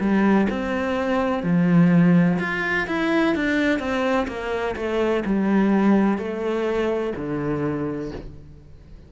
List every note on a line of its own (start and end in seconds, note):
0.00 0.48 G3
0.49 1.43 C4
1.43 2.39 F3
2.39 2.87 F4
2.87 3.35 E4
3.35 3.79 D4
3.79 4.27 C4
4.27 4.75 A#3
4.76 5.24 A3
5.25 6.18 G3
6.18 7.13 A3
7.16 8.11 D3